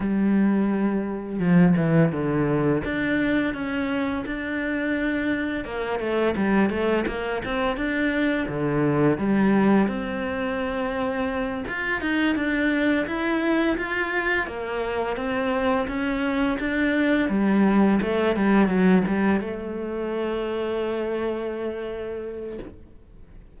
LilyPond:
\new Staff \with { instrumentName = "cello" } { \time 4/4 \tempo 4 = 85 g2 f8 e8 d4 | d'4 cis'4 d'2 | ais8 a8 g8 a8 ais8 c'8 d'4 | d4 g4 c'2~ |
c'8 f'8 dis'8 d'4 e'4 f'8~ | f'8 ais4 c'4 cis'4 d'8~ | d'8 g4 a8 g8 fis8 g8 a8~ | a1 | }